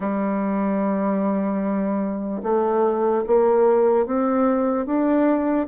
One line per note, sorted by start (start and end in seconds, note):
0.00 2.41 G3
2.43 3.24 A3
3.27 4.05 A#3
4.05 4.85 C4
4.85 5.66 D4